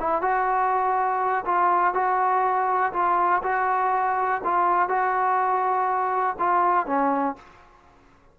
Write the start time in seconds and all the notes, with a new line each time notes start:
0.00 E4
0.22 F#4
1.46 F4
1.94 F#4
2.93 F4
3.43 F#4
4.44 F4
4.89 F#4
6.39 F4
6.87 C#4